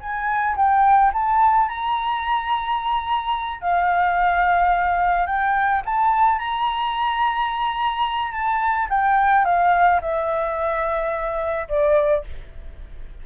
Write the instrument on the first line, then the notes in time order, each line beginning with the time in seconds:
flute
0.00 G#5
0.57 G5
1.13 A5
1.68 A#5
3.61 F5
5.27 G5
5.85 A5
6.39 A#5
8.32 A5
8.90 G5
9.45 F5
10.02 E5
11.68 D5